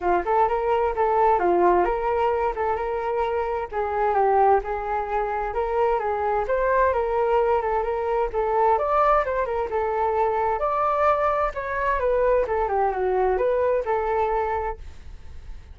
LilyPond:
\new Staff \with { instrumentName = "flute" } { \time 4/4 \tempo 4 = 130 f'8 a'8 ais'4 a'4 f'4 | ais'4. a'8 ais'2 | gis'4 g'4 gis'2 | ais'4 gis'4 c''4 ais'4~ |
ais'8 a'8 ais'4 a'4 d''4 | c''8 ais'8 a'2 d''4~ | d''4 cis''4 b'4 a'8 g'8 | fis'4 b'4 a'2 | }